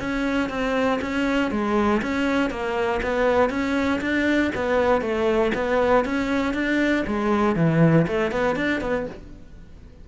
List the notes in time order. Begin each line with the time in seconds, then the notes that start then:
0.00 C#4
0.50 C4
1.02 C#4
1.51 G#3
2.02 C#4
2.50 A#3
3.03 B3
3.50 C#4
4.02 D4
4.55 B3
5.01 A3
5.55 B3
6.05 C#4
6.54 D4
7.07 G#3
7.56 E3
8.08 A3
8.31 B3
8.56 D4
8.81 B3